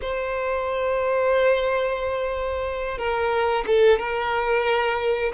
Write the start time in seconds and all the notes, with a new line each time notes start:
0.01 C5
2.98 A#4
3.66 A4
3.99 A#4